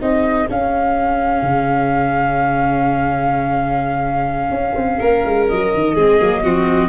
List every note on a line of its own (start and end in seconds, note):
0.00 0.49 C4
0.00 0.48 D#4
0.00 5.00 G#4
0.00 0.49 D#5
0.49 5.96 C#4
0.49 1.42 C#4
0.49 5.48 F5
1.42 4.51 C#3
4.51 4.75 C#4
4.75 4.99 C4
5.00 5.25 A#3
5.00 5.95 A#4
5.25 5.49 G#3
5.48 5.75 F#3
5.48 6.89 D#5
5.75 5.95 D#3
5.95 6.19 G#3
5.95 6.20 C4
5.95 6.42 G#4
6.20 6.44 F#3
6.20 6.44 A#3
6.43 6.89 F3
6.43 6.89 C4
6.43 6.89 F#4